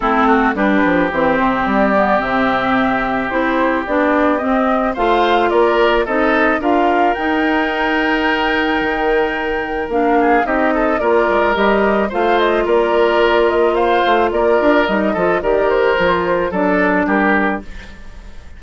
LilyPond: <<
  \new Staff \with { instrumentName = "flute" } { \time 4/4 \tempo 4 = 109 a'4 b'4 c''4 d''4 | e''2 c''4 d''4 | dis''4 f''4 d''4 dis''4 | f''4 g''2.~ |
g''2 f''4 dis''4 | d''4 dis''4 f''8 dis''8 d''4~ | d''8 dis''8 f''4 d''4 dis''4 | d''8 c''4. d''4 ais'4 | }
  \new Staff \with { instrumentName = "oboe" } { \time 4/4 e'8 fis'8 g'2.~ | g'1~ | g'4 c''4 ais'4 a'4 | ais'1~ |
ais'2~ ais'8 gis'8 g'8 a'8 | ais'2 c''4 ais'4~ | ais'4 c''4 ais'4. a'8 | ais'2 a'4 g'4 | }
  \new Staff \with { instrumentName = "clarinet" } { \time 4/4 c'4 d'4 c'4. b8 | c'2 e'4 d'4 | c'4 f'2 dis'4 | f'4 dis'2.~ |
dis'2 d'4 dis'4 | f'4 g'4 f'2~ | f'2. dis'8 f'8 | g'4 f'4 d'2 | }
  \new Staff \with { instrumentName = "bassoon" } { \time 4/4 a4 g8 f8 e8 c8 g4 | c2 c'4 b4 | c'4 a4 ais4 c'4 | d'4 dis'2. |
dis2 ais4 c'4 | ais8 gis8 g4 a4 ais4~ | ais4. a8 ais8 d'8 g8 f8 | dis4 f4 fis4 g4 | }
>>